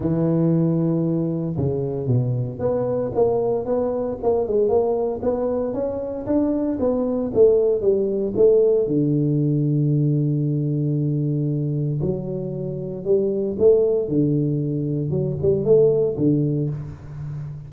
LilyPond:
\new Staff \with { instrumentName = "tuba" } { \time 4/4 \tempo 4 = 115 e2. cis4 | b,4 b4 ais4 b4 | ais8 gis8 ais4 b4 cis'4 | d'4 b4 a4 g4 |
a4 d2.~ | d2. fis4~ | fis4 g4 a4 d4~ | d4 fis8 g8 a4 d4 | }